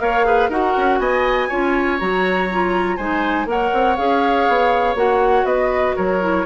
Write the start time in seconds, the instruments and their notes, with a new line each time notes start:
0.00 bassoon A#3, clarinet A#4, oboe C#5, flute F5
0.25 clarinet G#4, oboe B4
0.49 bassoon D#4, clarinet F#4, oboe A#4, flute F#5
0.77 bassoon C#4
0.99 bassoon B3, oboe D#5, flute G#5
1.49 bassoon C#4, clarinet F4, oboe C#5
1.99 bassoon F#3, clarinet F#4, flute A#5
2.52 clarinet F4
2.97 bassoon G#3, clarinet D#4, oboe C5, flute G#5
3.46 bassoon A#3, clarinet A#4, oboe C#5, flute F#5
3.73 bassoon C4
3.96 bassoon C#4, clarinet G#4, flute F5
4.48 bassoon B3
4.95 bassoon A#3, clarinet F#4, flute F#5
5.44 bassoon B3, oboe B4, flute D#5
5.96 bassoon F#3, oboe A#4, flute C#5
6.21 clarinet E4